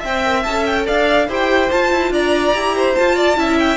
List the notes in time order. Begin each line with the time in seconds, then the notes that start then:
0.00 C4 C5 E5 G5
0.25 A#4
0.43 C#4 A4 A5
0.66 G5
0.86 D4 D5 F5
1.29 E4 G4 C5 G5
1.71 F4 A5
1.92 E4
2.11 D4 D5 A#5
2.55 E4 G4
2.77 C5
2.95 F4 A5
3.16 D5
3.37 C#4 E4 E5
3.59 G5